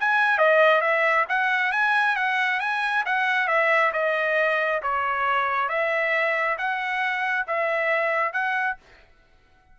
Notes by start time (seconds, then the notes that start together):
0.00 G#5
0.38 D#5
0.81 E5
1.29 F#5
1.72 G#5
2.16 F#5
2.60 G#5
3.06 F#5
3.48 E5
3.93 D#5
4.83 C#5
5.69 E5
6.58 F#5
7.48 E5
8.33 F#5